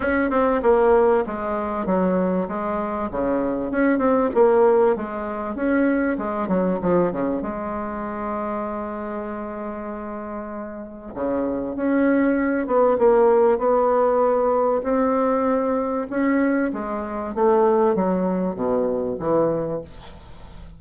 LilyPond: \new Staff \with { instrumentName = "bassoon" } { \time 4/4 \tempo 4 = 97 cis'8 c'8 ais4 gis4 fis4 | gis4 cis4 cis'8 c'8 ais4 | gis4 cis'4 gis8 fis8 f8 cis8 | gis1~ |
gis2 cis4 cis'4~ | cis'8 b8 ais4 b2 | c'2 cis'4 gis4 | a4 fis4 b,4 e4 | }